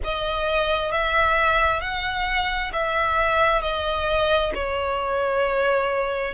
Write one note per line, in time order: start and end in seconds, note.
0.03 0.91 D#5
0.91 1.80 E5
1.80 2.71 F#5
2.72 3.61 E5
3.61 4.52 D#5
4.54 6.34 C#5